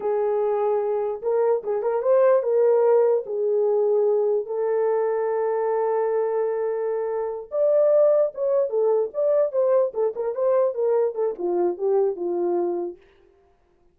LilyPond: \new Staff \with { instrumentName = "horn" } { \time 4/4 \tempo 4 = 148 gis'2. ais'4 | gis'8 ais'8 c''4 ais'2 | gis'2. a'4~ | a'1~ |
a'2~ a'8 d''4.~ | d''8 cis''4 a'4 d''4 c''8~ | c''8 a'8 ais'8 c''4 ais'4 a'8 | f'4 g'4 f'2 | }